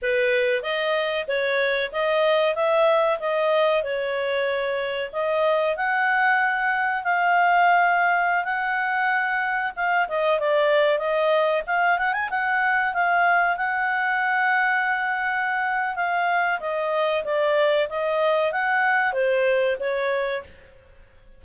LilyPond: \new Staff \with { instrumentName = "clarinet" } { \time 4/4 \tempo 4 = 94 b'4 dis''4 cis''4 dis''4 | e''4 dis''4 cis''2 | dis''4 fis''2 f''4~ | f''4~ f''16 fis''2 f''8 dis''16~ |
dis''16 d''4 dis''4 f''8 fis''16 gis''16 fis''8.~ | fis''16 f''4 fis''2~ fis''8.~ | fis''4 f''4 dis''4 d''4 | dis''4 fis''4 c''4 cis''4 | }